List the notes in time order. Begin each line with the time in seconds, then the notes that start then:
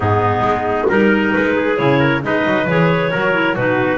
0.00 G#2 B3 D#4 G#4
0.40 G#3
0.88 G3 D#4 A#4
1.33 G#3 B4
1.55 G#4
1.76 C#3 E4 C#5
1.99 A#4
2.22 G#3 D#4 B4 D#5
2.45 F#3
2.67 E3 G#4 C#5
3.11 F#3 F#4 A#4
3.32 E4
3.55 B2 D#4 F#4 B4